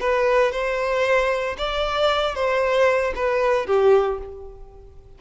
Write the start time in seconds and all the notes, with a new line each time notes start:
0.00 B4
0.52 C5
1.58 D5
2.35 C5
3.15 B4
3.66 G4